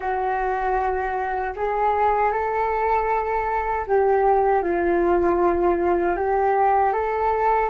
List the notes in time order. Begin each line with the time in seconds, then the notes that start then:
0.00 F#4
1.56 G#4
2.31 A4
3.86 G4
4.62 F4
6.16 G4
6.92 A4